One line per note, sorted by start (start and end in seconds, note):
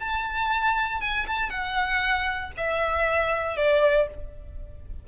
0.00 1.01 A5
1.01 1.26 G#5
1.27 1.50 A5
1.50 2.52 F#5
2.57 3.57 E5
3.57 4.08 D5